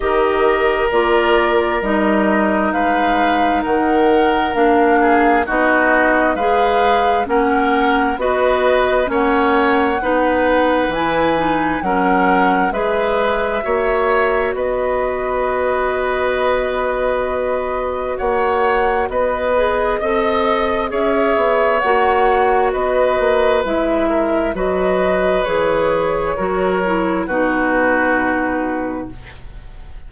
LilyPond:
<<
  \new Staff \with { instrumentName = "flute" } { \time 4/4 \tempo 4 = 66 dis''4 d''4 dis''4 f''4 | fis''4 f''4 dis''4 f''4 | fis''4 dis''4 fis''2 | gis''4 fis''4 e''2 |
dis''1 | fis''4 dis''2 e''4 | fis''4 dis''4 e''4 dis''4 | cis''2 b'2 | }
  \new Staff \with { instrumentName = "oboe" } { \time 4/4 ais'2. b'4 | ais'4. gis'8 fis'4 b'4 | ais'4 b'4 cis''4 b'4~ | b'4 ais'4 b'4 cis''4 |
b'1 | cis''4 b'4 dis''4 cis''4~ | cis''4 b'4. ais'8 b'4~ | b'4 ais'4 fis'2 | }
  \new Staff \with { instrumentName = "clarinet" } { \time 4/4 g'4 f'4 dis'2~ | dis'4 d'4 dis'4 gis'4 | cis'4 fis'4 cis'4 dis'4 | e'8 dis'8 cis'4 gis'4 fis'4~ |
fis'1~ | fis'4. gis'8 a'4 gis'4 | fis'2 e'4 fis'4 | gis'4 fis'8 e'8 dis'2 | }
  \new Staff \with { instrumentName = "bassoon" } { \time 4/4 dis4 ais4 g4 gis4 | dis4 ais4 b4 gis4 | ais4 b4 ais4 b4 | e4 fis4 gis4 ais4 |
b1 | ais4 b4 c'4 cis'8 b8 | ais4 b8 ais8 gis4 fis4 | e4 fis4 b,2 | }
>>